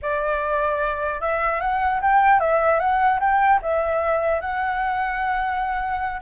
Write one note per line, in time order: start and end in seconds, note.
0.01 1.21 D5
1.21 1.60 E5
1.60 2.00 F#5
2.01 2.40 G5
2.40 2.79 E5
2.79 3.19 F#5
3.19 3.59 G5
3.62 4.40 E5
4.40 6.20 F#5